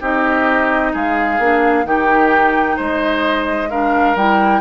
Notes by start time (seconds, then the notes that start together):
0.00 C4 D#4 G4 D#5
0.93 G#3 G#4 F5
1.38 A#3 D4
1.84 D#3 D#4 G4 G5
2.76 G#3 C5 D#5
3.70 D4 A#4 F5
4.15 G3 E4 G5